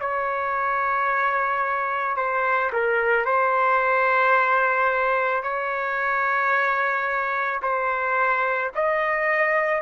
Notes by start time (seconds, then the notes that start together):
0.00 C#5
2.16 C5
2.72 A#4
3.25 C5
5.42 C#5
7.62 C5
8.75 D#5